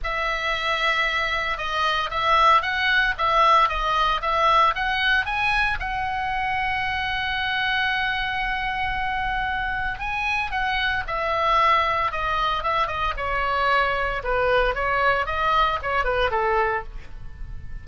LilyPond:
\new Staff \with { instrumentName = "oboe" } { \time 4/4 \tempo 4 = 114 e''2. dis''4 | e''4 fis''4 e''4 dis''4 | e''4 fis''4 gis''4 fis''4~ | fis''1~ |
fis''2. gis''4 | fis''4 e''2 dis''4 | e''8 dis''8 cis''2 b'4 | cis''4 dis''4 cis''8 b'8 a'4 | }